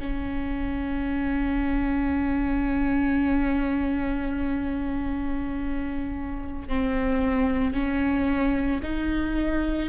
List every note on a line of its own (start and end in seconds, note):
0.00 6.69 C#4
6.69 7.74 C4
7.74 8.81 C#4
8.83 9.90 D#4